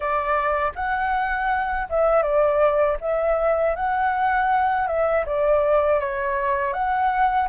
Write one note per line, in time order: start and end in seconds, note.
0.00 0.72 D5
0.75 1.87 F#5
1.89 2.22 E5
2.22 2.97 D5
3.00 3.75 E5
3.75 4.87 F#5
4.87 5.24 E5
5.25 6.00 D5
6.00 6.73 C#5
6.73 7.48 F#5